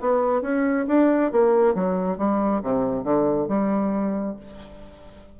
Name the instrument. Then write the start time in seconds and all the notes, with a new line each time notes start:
bassoon
0.00 B3
0.42 C#4
0.87 D4
1.32 A#3
1.74 F#3
2.17 G3
2.62 C3
3.04 D3
3.48 G3